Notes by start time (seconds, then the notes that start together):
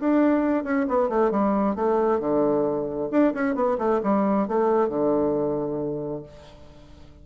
0.00 D4
0.64 C#4
0.89 B3
1.09 A3
1.31 G3
1.75 A3
2.20 D3
3.11 D4
3.34 C#4
3.55 B3
3.78 A3
4.03 G3
4.48 A3
4.89 D3